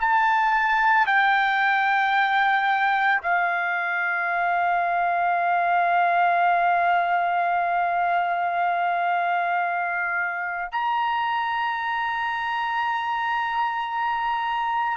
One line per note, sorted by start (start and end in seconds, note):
0.00 1.07 A5
1.07 3.21 G5
3.22 10.72 F5
10.72 14.97 A#5